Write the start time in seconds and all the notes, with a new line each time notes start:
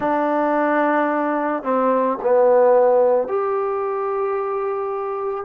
0.00 D4
1.63 C4
2.22 B3
3.27 G4